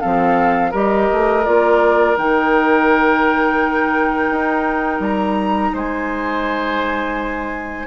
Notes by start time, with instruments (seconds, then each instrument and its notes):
0.00 bassoon F3, clarinet C4, oboe A4, flute F5
0.71 bassoon G3, clarinet G4, oboe A#4, flute D#5
1.11 bassoon A3
1.44 bassoon A#3, clarinet F4, flute D5
2.17 bassoon D#3, clarinet D#4, flute G5
4.30 bassoon D#4
4.99 bassoon G3, flute A#5
5.73 bassoon G#3, oboe C5, flute G#5